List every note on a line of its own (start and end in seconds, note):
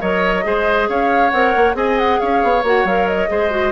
0.00 0.44 F#3
0.00 0.42 A#4
0.00 0.44 C#5
0.00 0.88 D#5
0.42 0.88 G#3
0.42 1.30 G#4
0.42 0.88 C5
0.88 1.32 C#4
0.88 1.76 C#5
0.88 1.30 F5
1.30 1.54 C4
1.30 1.74 A#4
1.30 1.74 F#5
1.55 1.74 A#3
1.74 2.18 C4
1.74 2.61 G#4
1.74 2.20 D#5
1.74 1.98 G#5
1.98 2.19 F#5
2.19 2.43 C#4
2.19 3.29 C#5
2.19 2.63 F5
2.43 2.62 B3
2.62 2.84 A#3
2.62 2.86 F#4
2.62 2.87 F#5
2.84 3.28 F#3
2.84 3.28 A#4
2.84 3.07 F5
3.07 3.72 D#5
3.28 3.72 G#3
3.28 3.50 G#4
3.28 3.72 C5
3.50 3.72 F#4